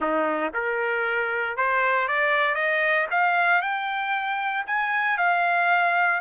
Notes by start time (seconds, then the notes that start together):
0.00 D#4
0.53 A#4
1.57 C5
2.07 D5
2.55 D#5
3.11 F5
3.61 G5
4.66 G#5
5.17 F5